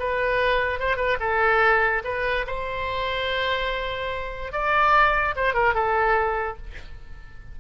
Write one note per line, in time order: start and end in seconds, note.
0.00 0.80 B4
0.80 0.97 C5
0.97 1.18 B4
1.20 2.03 A4
2.05 2.46 B4
2.47 4.53 C5
4.53 5.35 D5
5.36 5.54 C5
5.54 5.75 A#4
5.75 6.58 A4